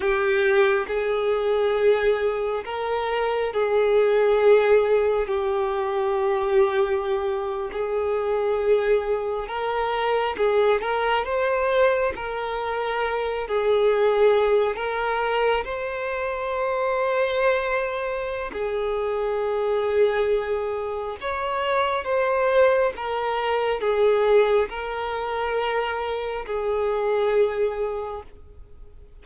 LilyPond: \new Staff \with { instrumentName = "violin" } { \time 4/4 \tempo 4 = 68 g'4 gis'2 ais'4 | gis'2 g'2~ | g'8. gis'2 ais'4 gis'16~ | gis'16 ais'8 c''4 ais'4. gis'8.~ |
gis'8. ais'4 c''2~ c''16~ | c''4 gis'2. | cis''4 c''4 ais'4 gis'4 | ais'2 gis'2 | }